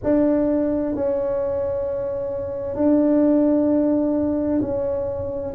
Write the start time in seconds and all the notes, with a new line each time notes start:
0.03 D4
0.95 C#4
2.75 D4
4.61 C#4